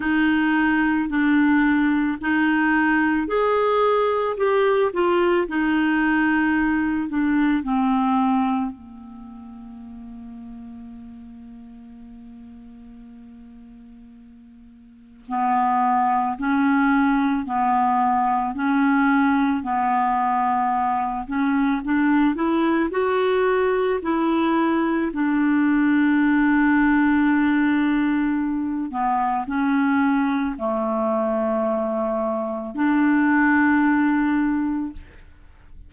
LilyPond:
\new Staff \with { instrumentName = "clarinet" } { \time 4/4 \tempo 4 = 55 dis'4 d'4 dis'4 gis'4 | g'8 f'8 dis'4. d'8 c'4 | ais1~ | ais2 b4 cis'4 |
b4 cis'4 b4. cis'8 | d'8 e'8 fis'4 e'4 d'4~ | d'2~ d'8 b8 cis'4 | a2 d'2 | }